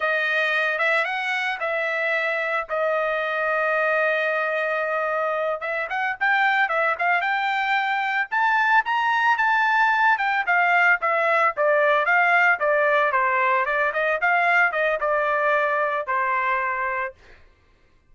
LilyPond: \new Staff \with { instrumentName = "trumpet" } { \time 4/4 \tempo 4 = 112 dis''4. e''8 fis''4 e''4~ | e''4 dis''2.~ | dis''2~ dis''8 e''8 fis''8 g''8~ | g''8 e''8 f''8 g''2 a''8~ |
a''8 ais''4 a''4. g''8 f''8~ | f''8 e''4 d''4 f''4 d''8~ | d''8 c''4 d''8 dis''8 f''4 dis''8 | d''2 c''2 | }